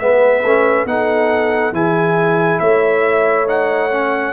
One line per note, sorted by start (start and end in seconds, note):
0.00 0.44 G#3
0.00 0.44 B3
0.00 0.89 B4
0.00 0.87 E5
0.44 0.86 A3
0.44 0.88 C#4
0.86 1.73 B3
0.86 1.74 D#4
0.86 1.75 A4
0.86 1.75 F#5
1.73 2.60 E3
1.73 3.47 E4
1.73 2.61 G#4
1.73 2.60 G#5
2.60 4.34 A3
2.60 4.34 C#5
2.60 3.47 E5
3.47 3.91 D#4
3.47 4.34 F#5
3.92 4.34 C#4